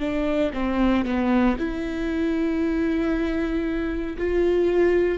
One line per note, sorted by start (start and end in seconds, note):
0.00 0.52 D4
0.54 1.05 C4
1.05 1.57 B3
1.58 4.17 E4
4.18 5.19 F4